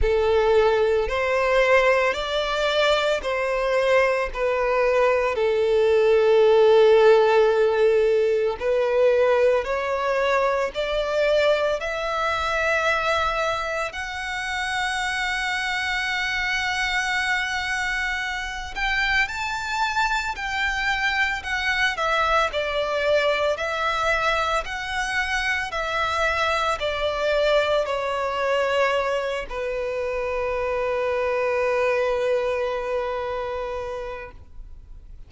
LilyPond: \new Staff \with { instrumentName = "violin" } { \time 4/4 \tempo 4 = 56 a'4 c''4 d''4 c''4 | b'4 a'2. | b'4 cis''4 d''4 e''4~ | e''4 fis''2.~ |
fis''4. g''8 a''4 g''4 | fis''8 e''8 d''4 e''4 fis''4 | e''4 d''4 cis''4. b'8~ | b'1 | }